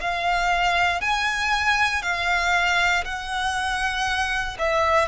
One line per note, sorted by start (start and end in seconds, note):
0.00 1.01 F5
1.01 2.02 G#5
2.02 3.04 F5
3.04 4.57 F#5
4.58 5.08 E5